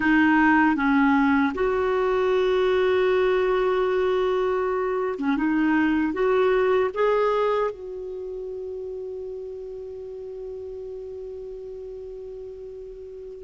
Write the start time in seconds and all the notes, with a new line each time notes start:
0.00 D#4
0.75 C#4
1.54 F#4
5.19 C#4
5.36 D#4
6.13 F#4
6.94 G#4
7.70 F#4